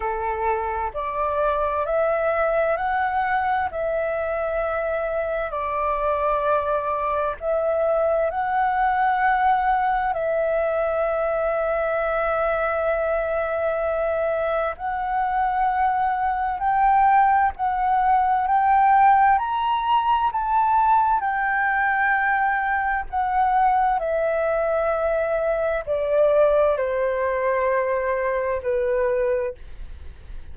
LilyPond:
\new Staff \with { instrumentName = "flute" } { \time 4/4 \tempo 4 = 65 a'4 d''4 e''4 fis''4 | e''2 d''2 | e''4 fis''2 e''4~ | e''1 |
fis''2 g''4 fis''4 | g''4 ais''4 a''4 g''4~ | g''4 fis''4 e''2 | d''4 c''2 b'4 | }